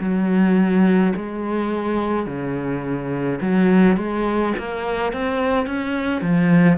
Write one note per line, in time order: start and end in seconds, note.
0.00 1.13 F#3
1.16 2.26 G#3
2.26 3.40 C#3
3.41 3.97 F#3
3.97 4.53 G#3
4.58 5.13 A#3
5.13 5.67 C4
5.67 6.21 C#4
6.21 6.78 F3